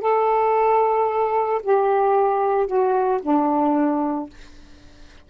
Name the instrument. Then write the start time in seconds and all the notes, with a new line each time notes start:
saxophone
0.00 A4
1.62 G4
2.66 F#4
3.22 D4